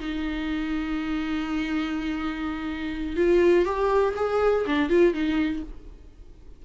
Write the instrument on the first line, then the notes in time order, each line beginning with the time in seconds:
viola
0.00 D#4
3.17 F4
3.66 G4
4.17 G#4
4.67 D4
4.90 F4
5.14 D#4